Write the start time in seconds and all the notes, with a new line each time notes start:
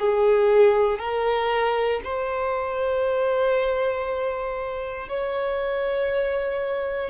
0.00 G#4
0.99 A#4
2.04 C5
5.08 C#5